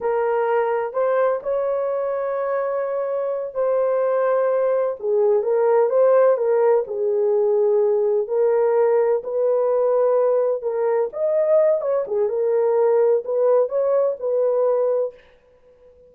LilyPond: \new Staff \with { instrumentName = "horn" } { \time 4/4 \tempo 4 = 127 ais'2 c''4 cis''4~ | cis''2.~ cis''8 c''8~ | c''2~ c''8 gis'4 ais'8~ | ais'8 c''4 ais'4 gis'4.~ |
gis'4. ais'2 b'8~ | b'2~ b'8 ais'4 dis''8~ | dis''4 cis''8 gis'8 ais'2 | b'4 cis''4 b'2 | }